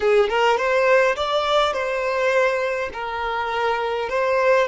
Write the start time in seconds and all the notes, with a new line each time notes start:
0.00 G#4
0.29 A#4
0.57 C5
1.15 D5
1.73 C5
2.93 A#4
4.09 C5